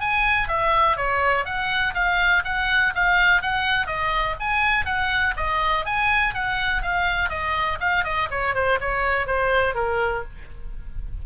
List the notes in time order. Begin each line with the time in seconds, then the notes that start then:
0.00 G#5
0.48 E5
0.96 C#5
1.45 F#5
1.94 F5
2.45 F#5
2.95 F5
3.41 F#5
3.86 D#5
4.40 G#5
4.85 F#5
5.36 D#5
5.85 G#5
6.34 F#5
6.82 F5
7.29 D#5
7.80 F5
8.04 D#5
8.30 C#5
8.55 C5
8.80 C#5
9.27 C5
9.74 A#4